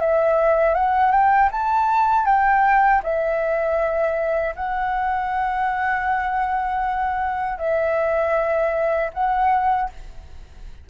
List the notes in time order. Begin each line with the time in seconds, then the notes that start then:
0.00 E5
0.74 F#5
1.12 G5
1.52 A5
2.25 G5
3.03 E5
4.55 F#5
7.58 E5
9.13 F#5